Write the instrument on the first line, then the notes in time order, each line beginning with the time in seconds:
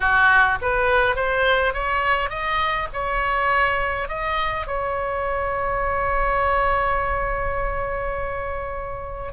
oboe
0.00 F#4
0.61 B4
1.15 C5
1.73 C#5
2.29 D#5
2.93 C#5
4.08 D#5
4.66 C#5